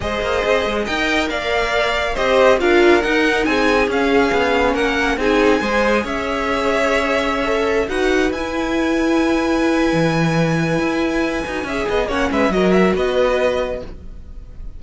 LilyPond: <<
  \new Staff \with { instrumentName = "violin" } { \time 4/4 \tempo 4 = 139 dis''2 g''4 f''4~ | f''4 dis''4 f''4 fis''4 | gis''4 f''2 fis''4 | gis''2 e''2~ |
e''2~ e''16 fis''4 gis''8.~ | gis''1~ | gis''1 | fis''8 e''8 dis''8 e''8 dis''2 | }
  \new Staff \with { instrumentName = "violin" } { \time 4/4 c''2 dis''4 d''4~ | d''4 c''4 ais'2 | gis'2. ais'4 | gis'4 c''4 cis''2~ |
cis''2~ cis''16 b'4.~ b'16~ | b'1~ | b'2. e''8 dis''8 | cis''8 b'8 ais'4 b'2 | }
  \new Staff \with { instrumentName = "viola" } { \time 4/4 gis'2 ais'2~ | ais'4 g'4 f'4 dis'4~ | dis'4 cis'2. | dis'4 gis'2.~ |
gis'4~ gis'16 a'4 fis'4 e'8.~ | e'1~ | e'2~ e'8 fis'8 gis'4 | cis'4 fis'2. | }
  \new Staff \with { instrumentName = "cello" } { \time 4/4 gis8 ais8 c'8 gis8 dis'4 ais4~ | ais4 c'4 d'4 dis'4 | c'4 cis'4 b4 ais4 | c'4 gis4 cis'2~ |
cis'2~ cis'16 dis'4 e'8.~ | e'2. e4~ | e4 e'4. dis'8 cis'8 b8 | ais8 gis8 fis4 b2 | }
>>